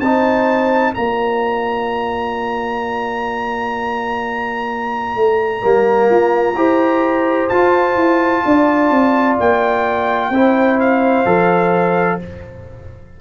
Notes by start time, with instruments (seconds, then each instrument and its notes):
0.00 tuba C4, trombone D#4, horn C5, trumpet A5
0.94 tuba A#3, trombone F4, horn D5, trumpet A#5
5.16 tuba A3
5.61 tuba G3, trombone A#3
6.10 tuba F4
6.56 tuba E4, trombone G4, horn C5
7.49 tuba F4, trombone F4, trumpet A5
7.96 tuba E4
8.46 tuba D4, horn D5
8.91 tuba C4
9.40 tuba A#3, trumpet G5
10.30 tuba C4, trombone E4, horn C5
10.80 trumpet F5
11.26 tuba F3, trombone A4